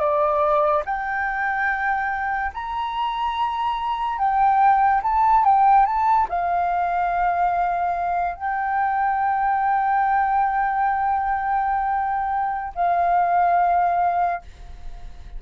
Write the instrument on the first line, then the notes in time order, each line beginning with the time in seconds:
flute
0.00 D5
0.85 G5
2.54 A#5
4.18 G5
5.03 A5
5.45 G5
5.86 A5
6.29 F5
8.36 G5
12.75 F5